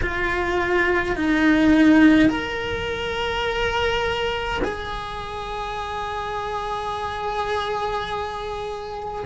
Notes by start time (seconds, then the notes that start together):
0.02 F4
1.15 D#4
2.29 A#4
4.64 G#4